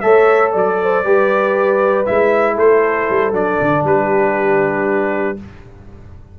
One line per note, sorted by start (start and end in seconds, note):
0.00 0.54 A3
0.00 1.04 A4
0.00 0.52 C#5
0.00 0.51 E5
0.52 1.04 F#3
0.52 0.78 D5
0.52 2.06 D5
0.82 1.04 C5
1.04 2.06 G3
1.04 2.05 G4
1.04 2.54 B4
2.05 2.58 G#3
2.05 3.32 E4
2.05 2.56 E5
2.54 3.09 A3
2.54 3.81 A4
2.54 3.34 C5
3.09 3.32 G3
3.32 3.57 F#3
3.32 5.36 D4
3.32 3.85 D5
3.61 3.84 D3
3.84 5.36 G3
3.84 5.38 G4
3.84 5.38 B4